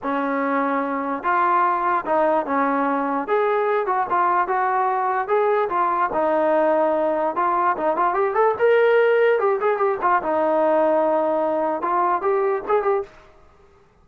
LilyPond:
\new Staff \with { instrumentName = "trombone" } { \time 4/4 \tempo 4 = 147 cis'2. f'4~ | f'4 dis'4 cis'2 | gis'4. fis'8 f'4 fis'4~ | fis'4 gis'4 f'4 dis'4~ |
dis'2 f'4 dis'8 f'8 | g'8 a'8 ais'2 g'8 gis'8 | g'8 f'8 dis'2.~ | dis'4 f'4 g'4 gis'8 g'8 | }